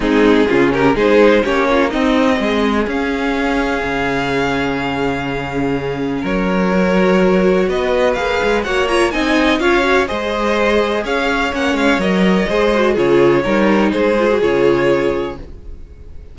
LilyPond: <<
  \new Staff \with { instrumentName = "violin" } { \time 4/4 \tempo 4 = 125 gis'4. ais'8 c''4 cis''4 | dis''2 f''2~ | f''1~ | f''4 cis''2. |
dis''4 f''4 fis''8 ais''8 gis''4 | f''4 dis''2 f''4 | fis''8 f''8 dis''2 cis''4~ | cis''4 c''4 cis''2 | }
  \new Staff \with { instrumentName = "violin" } { \time 4/4 dis'4 f'8 g'8 gis'4 g'8 f'8 | dis'4 gis'2.~ | gis'1~ | gis'4 ais'2. |
b'2 cis''4 dis''4 | cis''4 c''2 cis''4~ | cis''2 c''4 gis'4 | ais'4 gis'2. | }
  \new Staff \with { instrumentName = "viola" } { \time 4/4 c'4 cis'4 dis'4 cis'4 | c'2 cis'2~ | cis'1~ | cis'2 fis'2~ |
fis'4 gis'4 fis'8 f'8 dis'4 | f'8 fis'8 gis'2. | cis'4 ais'4 gis'8 fis'8 f'4 | dis'4. f'16 fis'16 f'2 | }
  \new Staff \with { instrumentName = "cello" } { \time 4/4 gis4 cis4 gis4 ais4 | c'4 gis4 cis'2 | cis1~ | cis4 fis2. |
b4 ais8 gis8 ais4 c'4 | cis'4 gis2 cis'4 | ais8 gis8 fis4 gis4 cis4 | g4 gis4 cis2 | }
>>